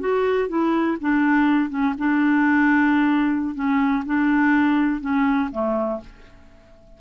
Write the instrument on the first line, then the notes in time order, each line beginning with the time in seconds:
clarinet
0.00 F#4
0.48 E4
1.00 D4
1.70 C#4
1.98 D4
3.55 C#4
4.05 D4
5.01 C#4
5.51 A3